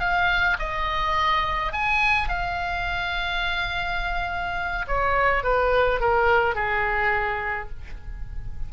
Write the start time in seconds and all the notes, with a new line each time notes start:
0.00 F5
0.59 D#5
1.72 G#5
2.29 F5
4.87 C#5
5.43 B4
6.00 A#4
6.55 G#4